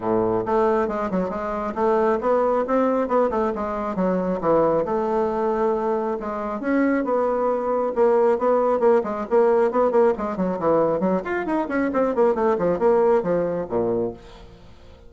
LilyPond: \new Staff \with { instrumentName = "bassoon" } { \time 4/4 \tempo 4 = 136 a,4 a4 gis8 fis8 gis4 | a4 b4 c'4 b8 a8 | gis4 fis4 e4 a4~ | a2 gis4 cis'4 |
b2 ais4 b4 | ais8 gis8 ais4 b8 ais8 gis8 fis8 | e4 fis8 f'8 dis'8 cis'8 c'8 ais8 | a8 f8 ais4 f4 ais,4 | }